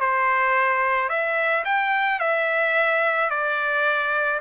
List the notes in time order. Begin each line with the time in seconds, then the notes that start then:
0.00 C5
1.09 E5
1.65 G5
2.20 E5
3.30 D5